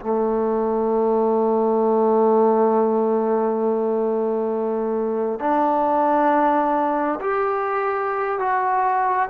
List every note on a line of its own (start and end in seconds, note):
0.00 5.39 A3
5.39 7.19 D4
7.21 8.39 G4
8.39 9.29 F#4